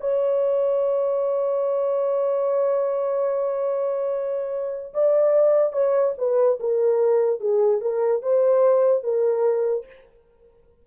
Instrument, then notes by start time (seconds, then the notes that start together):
horn
0.00 C#5
4.94 D5
5.73 C#5
6.18 B4
6.60 A#4
7.40 G#4
7.81 A#4
8.22 C5
9.03 A#4